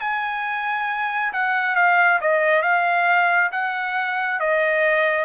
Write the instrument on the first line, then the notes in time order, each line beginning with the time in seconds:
trumpet
0.00 G#5
1.33 F#5
1.75 F5
2.21 D#5
2.62 F5
3.51 F#5
4.40 D#5